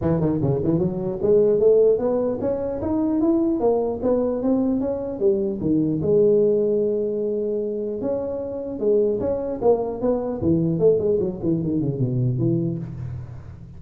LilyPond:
\new Staff \with { instrumentName = "tuba" } { \time 4/4 \tempo 4 = 150 e8 dis8 cis8 e8 fis4 gis4 | a4 b4 cis'4 dis'4 | e'4 ais4 b4 c'4 | cis'4 g4 dis4 gis4~ |
gis1 | cis'2 gis4 cis'4 | ais4 b4 e4 a8 gis8 | fis8 e8 dis8 cis8 b,4 e4 | }